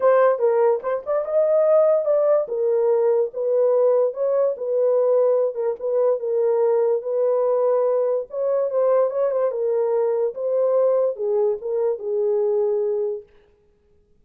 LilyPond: \new Staff \with { instrumentName = "horn" } { \time 4/4 \tempo 4 = 145 c''4 ais'4 c''8 d''8 dis''4~ | dis''4 d''4 ais'2 | b'2 cis''4 b'4~ | b'4. ais'8 b'4 ais'4~ |
ais'4 b'2. | cis''4 c''4 cis''8 c''8 ais'4~ | ais'4 c''2 gis'4 | ais'4 gis'2. | }